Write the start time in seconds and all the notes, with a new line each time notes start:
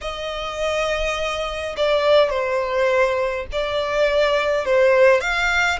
0.01 D#5
1.76 D5
2.30 C5
3.52 D5
4.65 C5
5.20 F5